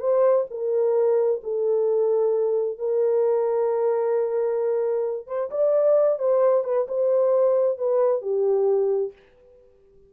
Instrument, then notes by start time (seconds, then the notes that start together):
horn
0.00 C5
0.51 A#4
1.44 A4
2.79 A#4
5.27 C5
5.51 D5
6.19 C5
6.64 B4
6.88 C5
7.78 B4
8.22 G4